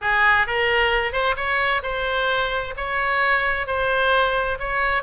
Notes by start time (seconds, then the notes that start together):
0.01 G#4
0.46 A#4
1.12 C5
1.36 C#5
1.82 C5
2.76 C#5
3.66 C5
4.59 C#5